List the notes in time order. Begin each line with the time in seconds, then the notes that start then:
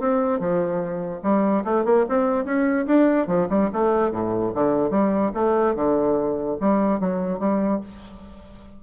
0.00 C4
0.40 F3
1.23 G3
1.65 A3
1.85 A#3
2.09 C4
2.45 C#4
2.87 D4
3.27 F3
3.50 G3
3.73 A3
4.12 A2
4.54 D3
4.91 G3
5.34 A3
5.76 D3
6.61 G3
7.00 F#3
7.40 G3